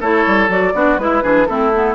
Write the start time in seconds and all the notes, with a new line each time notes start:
0.00 A3 E4 A4 C#5
0.26 G3
0.48 F#3 F#4 D5
0.74 B3 D4 F#4
0.98 G#3 E4 B4
1.22 E3 D4 G#4
1.45 A3 C4 E4 A4
1.73 B3